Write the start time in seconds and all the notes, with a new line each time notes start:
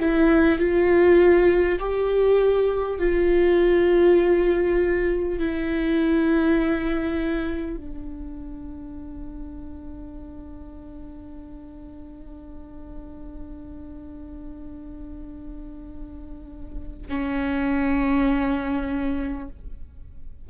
0.00 E4
0.59 F4
1.79 G4
2.99 F4
5.39 E4
7.77 D4
17.09 C#4